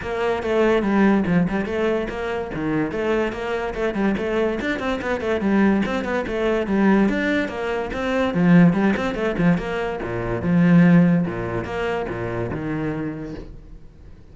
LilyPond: \new Staff \with { instrumentName = "cello" } { \time 4/4 \tempo 4 = 144 ais4 a4 g4 f8 g8 | a4 ais4 dis4 a4 | ais4 a8 g8 a4 d'8 c'8 | b8 a8 g4 c'8 b8 a4 |
g4 d'4 ais4 c'4 | f4 g8 c'8 a8 f8 ais4 | ais,4 f2 ais,4 | ais4 ais,4 dis2 | }